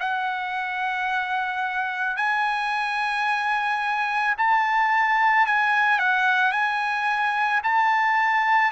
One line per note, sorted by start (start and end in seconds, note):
0.00 2.17 F#5
2.17 4.35 G#5
4.38 5.46 A5
5.46 6.00 G#5
6.00 6.53 F#5
6.53 7.62 G#5
7.64 8.72 A5